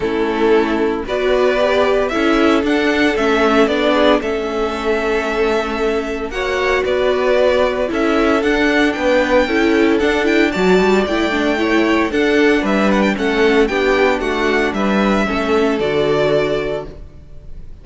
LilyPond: <<
  \new Staff \with { instrumentName = "violin" } { \time 4/4 \tempo 4 = 114 a'2 d''2 | e''4 fis''4 e''4 d''4 | e''1 | fis''4 d''2 e''4 |
fis''4 g''2 fis''8 g''8 | a''4 g''2 fis''4 | e''8 fis''16 g''16 fis''4 g''4 fis''4 | e''2 d''2 | }
  \new Staff \with { instrumentName = "violin" } { \time 4/4 e'2 b'2 | a'2.~ a'8 gis'8 | a'1 | cis''4 b'2 a'4~ |
a'4 b'4 a'2 | d''2 cis''4 a'4 | b'4 a'4 g'4 fis'4 | b'4 a'2. | }
  \new Staff \with { instrumentName = "viola" } { \time 4/4 cis'2 fis'4 g'4 | e'4 d'4 cis'4 d'4 | cis'1 | fis'2. e'4 |
d'2 e'4 d'8 e'8 | fis'4 e'8 d'8 e'4 d'4~ | d'4 cis'4 d'2~ | d'4 cis'4 fis'2 | }
  \new Staff \with { instrumentName = "cello" } { \time 4/4 a2 b2 | cis'4 d'4 a4 b4 | a1 | ais4 b2 cis'4 |
d'4 b4 cis'4 d'4 | fis8 g8 a2 d'4 | g4 a4 b4 a4 | g4 a4 d2 | }
>>